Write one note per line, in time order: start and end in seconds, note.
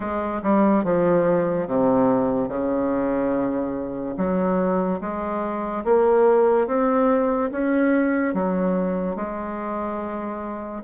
0.00 0.41 G#3
0.42 0.84 G3
0.84 1.67 F3
1.67 2.48 C3
2.48 4.15 C#3
4.17 5.00 F#3
5.00 5.84 G#3
5.84 6.67 A#3
6.67 7.50 C4
7.51 8.34 C#4
8.34 9.16 F#3
9.16 10.83 G#3